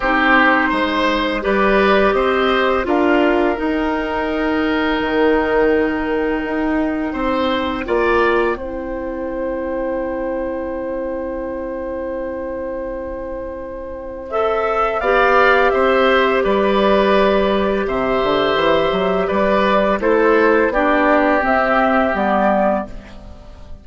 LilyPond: <<
  \new Staff \with { instrumentName = "flute" } { \time 4/4 \tempo 4 = 84 c''2 d''4 dis''4 | f''4 g''2.~ | g''1~ | g''1~ |
g''1 | e''4 f''4 e''4 d''4~ | d''4 e''2 d''4 | c''4 d''4 e''4 d''4 | }
  \new Staff \with { instrumentName = "oboe" } { \time 4/4 g'4 c''4 b'4 c''4 | ais'1~ | ais'2 c''4 d''4 | c''1~ |
c''1~ | c''4 d''4 c''4 b'4~ | b'4 c''2 b'4 | a'4 g'2. | }
  \new Staff \with { instrumentName = "clarinet" } { \time 4/4 dis'2 g'2 | f'4 dis'2.~ | dis'2. f'4 | e'1~ |
e'1 | a'4 g'2.~ | g'1 | e'4 d'4 c'4 b4 | }
  \new Staff \with { instrumentName = "bassoon" } { \time 4/4 c'4 gis4 g4 c'4 | d'4 dis'2 dis4~ | dis4 dis'4 c'4 ais4 | c'1~ |
c'1~ | c'4 b4 c'4 g4~ | g4 c8 d8 e8 fis8 g4 | a4 b4 c'4 g4 | }
>>